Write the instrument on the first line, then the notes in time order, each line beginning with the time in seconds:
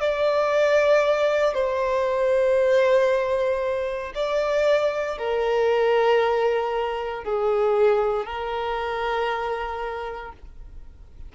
violin
0.00 D5
1.54 C5
4.15 D5
5.18 A#4
7.24 G#4
8.25 A#4